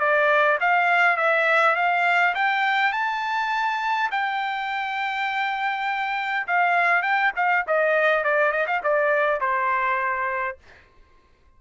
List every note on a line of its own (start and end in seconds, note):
0.00 0.59 D5
0.61 1.17 F5
1.17 1.76 E5
1.76 2.35 F5
2.35 2.93 G5
2.93 4.10 A5
4.12 6.47 G5
6.47 7.03 F5
7.03 7.32 G5
7.36 7.66 F5
7.68 8.24 D#5
8.24 8.52 D5
8.52 8.67 D#5
8.67 8.82 F5
8.83 9.41 D5
9.41 10.59 C5